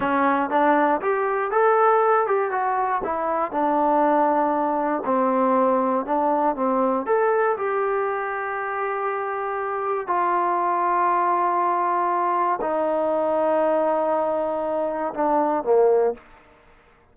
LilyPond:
\new Staff \with { instrumentName = "trombone" } { \time 4/4 \tempo 4 = 119 cis'4 d'4 g'4 a'4~ | a'8 g'8 fis'4 e'4 d'4~ | d'2 c'2 | d'4 c'4 a'4 g'4~ |
g'1 | f'1~ | f'4 dis'2.~ | dis'2 d'4 ais4 | }